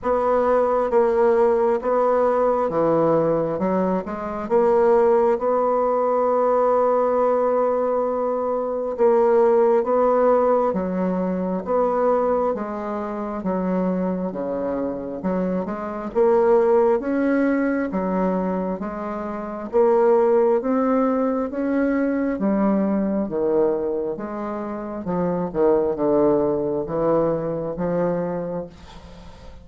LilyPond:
\new Staff \with { instrumentName = "bassoon" } { \time 4/4 \tempo 4 = 67 b4 ais4 b4 e4 | fis8 gis8 ais4 b2~ | b2 ais4 b4 | fis4 b4 gis4 fis4 |
cis4 fis8 gis8 ais4 cis'4 | fis4 gis4 ais4 c'4 | cis'4 g4 dis4 gis4 | f8 dis8 d4 e4 f4 | }